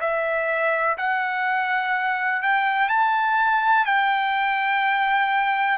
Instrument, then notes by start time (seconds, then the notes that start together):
trumpet
0.00 E5
0.98 F#5
2.42 G5
2.89 A5
3.85 G5